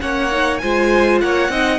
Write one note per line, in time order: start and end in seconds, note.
0.00 0.62 A#3
0.00 0.30 C#4
0.00 0.61 C#5
0.00 0.58 F#5
0.31 0.61 D#4
0.58 1.21 G#3
0.58 1.51 F4
0.58 1.22 C5
0.58 1.18 G#5
1.21 1.49 A#3
1.21 1.51 C#5
1.21 1.79 F#5
1.49 1.79 C4
1.49 1.79 D#4
1.49 1.79 D#5